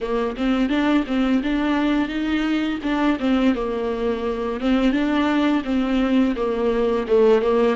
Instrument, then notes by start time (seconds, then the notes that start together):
viola
0.00 A#3
0.37 C4
0.69 D4
1.07 C4
1.43 D4
2.08 D#4
2.82 D4
3.19 C4
3.54 A#3
4.60 C4
4.92 D4
5.64 C4
6.36 A#3
7.07 A3
7.41 A#3